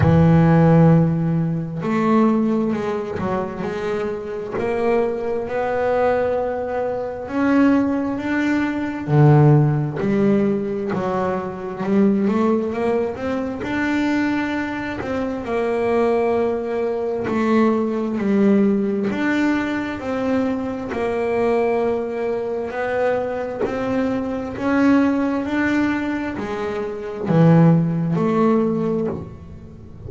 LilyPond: \new Staff \with { instrumentName = "double bass" } { \time 4/4 \tempo 4 = 66 e2 a4 gis8 fis8 | gis4 ais4 b2 | cis'4 d'4 d4 g4 | fis4 g8 a8 ais8 c'8 d'4~ |
d'8 c'8 ais2 a4 | g4 d'4 c'4 ais4~ | ais4 b4 c'4 cis'4 | d'4 gis4 e4 a4 | }